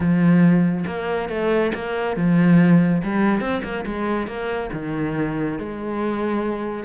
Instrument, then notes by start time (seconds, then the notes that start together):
cello
0.00 F3
0.86 A#3
1.29 A3
1.74 A#3
2.16 F3
3.03 G3
3.40 C4
3.63 A#3
3.86 G#3
4.27 A#3
4.73 D#3
5.58 G#3